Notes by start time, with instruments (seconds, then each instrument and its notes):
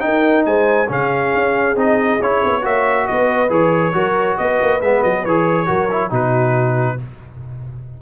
0.00 trombone D#4, tuba D#4, horn A#4, trumpet G5
0.45 tuba G#3, horn C5, trumpet G#5
0.88 tuba C#3, trombone C#4, horn G#4, trumpet F5
1.34 tuba C#4
1.75 tuba C4, trombone D#4, trumpet D#5
2.21 tuba C#4, trombone E4, trumpet C#5
2.44 tuba B3
2.62 tuba A#3, trombone F#4, horn C#5, trumpet E5
3.07 tuba B3, horn B4, trumpet D#5
3.49 tuba E3, trombone G#4, trumpet C#5
3.93 tuba F#3, trombone F#4, horn A#4
4.37 tuba B3, horn B4, trumpet D#5
4.61 tuba A#3
4.81 tuba G#3, trombone B3, trumpet E5
5.03 tuba F#3, trumpet D#5
5.25 tuba E3, trombone G#4, trumpet C#5
5.66 tuba F#3, trombone F#4, horn A#4
5.91 trombone E4
6.10 tuba B2, trombone D#4, horn F#4, trumpet B4